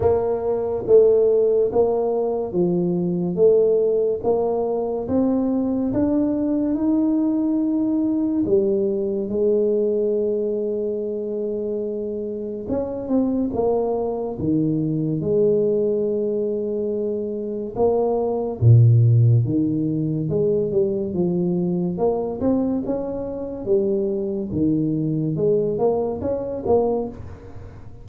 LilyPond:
\new Staff \with { instrumentName = "tuba" } { \time 4/4 \tempo 4 = 71 ais4 a4 ais4 f4 | a4 ais4 c'4 d'4 | dis'2 g4 gis4~ | gis2. cis'8 c'8 |
ais4 dis4 gis2~ | gis4 ais4 ais,4 dis4 | gis8 g8 f4 ais8 c'8 cis'4 | g4 dis4 gis8 ais8 cis'8 ais8 | }